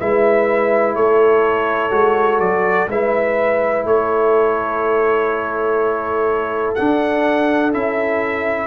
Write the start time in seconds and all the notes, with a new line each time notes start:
0.00 G#3 E4 B4 E5
0.96 A3 A4 C#5
1.91 G#3 F#4
2.40 F#3 D5
2.88 G#3 E4 B4 E5
3.85 A3 A4 C#5
6.75 D4 F#5
7.73 C#4 E4 E5